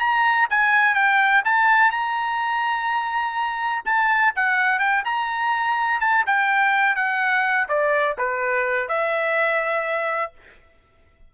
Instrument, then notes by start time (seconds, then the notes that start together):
trumpet
0.00 A#5
0.50 G#5
0.95 G5
1.45 A5
1.91 A#5
3.85 A5
4.36 F#5
4.79 G5
5.05 A#5
6.01 A5
6.27 G5
6.96 F#5
7.69 D5
8.18 B4
8.89 E5